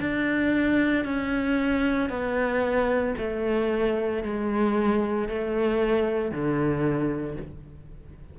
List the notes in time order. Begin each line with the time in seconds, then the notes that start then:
0.00 D4
1.05 C#4
2.10 B3
3.18 A3
4.23 G#3
5.28 A3
6.32 D3